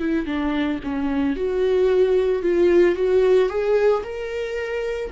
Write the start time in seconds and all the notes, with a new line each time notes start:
0.00 E4
0.27 D4
0.84 C#4
1.36 F#4
2.43 F4
2.96 F#4
3.49 G#4
4.03 A#4